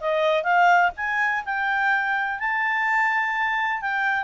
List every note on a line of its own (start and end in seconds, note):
0.00 0.43 D#5
0.43 0.91 F5
0.96 1.44 G#5
1.45 2.39 G5
2.39 3.81 A5
3.81 4.24 G5